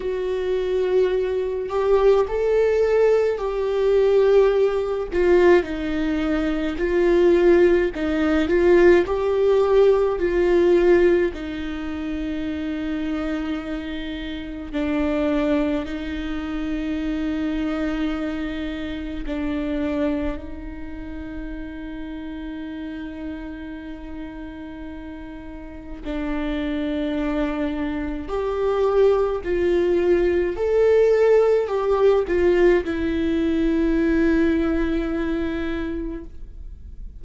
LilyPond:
\new Staff \with { instrumentName = "viola" } { \time 4/4 \tempo 4 = 53 fis'4. g'8 a'4 g'4~ | g'8 f'8 dis'4 f'4 dis'8 f'8 | g'4 f'4 dis'2~ | dis'4 d'4 dis'2~ |
dis'4 d'4 dis'2~ | dis'2. d'4~ | d'4 g'4 f'4 a'4 | g'8 f'8 e'2. | }